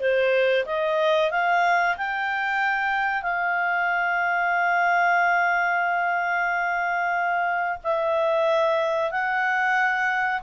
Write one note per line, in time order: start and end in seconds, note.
0.00 0.65 C5
0.66 1.31 D#5
1.31 1.97 F5
1.97 3.23 G5
3.23 7.79 F5
7.83 9.11 E5
9.11 10.42 F#5